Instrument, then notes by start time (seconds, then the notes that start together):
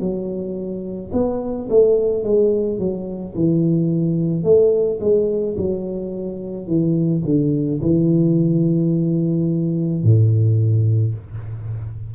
tuba
0.00 F#3
1.13 B3
1.70 A3
2.24 G#3
2.79 F#3
3.35 E3
4.43 A3
5.01 G#3
5.58 F#3
6.67 E3
7.25 D3
7.82 E3
10.04 A2